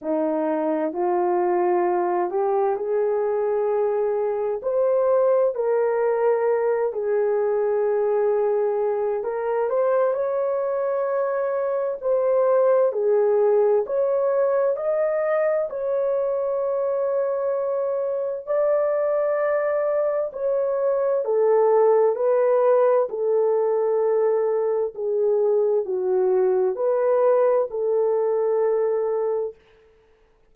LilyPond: \new Staff \with { instrumentName = "horn" } { \time 4/4 \tempo 4 = 65 dis'4 f'4. g'8 gis'4~ | gis'4 c''4 ais'4. gis'8~ | gis'2 ais'8 c''8 cis''4~ | cis''4 c''4 gis'4 cis''4 |
dis''4 cis''2. | d''2 cis''4 a'4 | b'4 a'2 gis'4 | fis'4 b'4 a'2 | }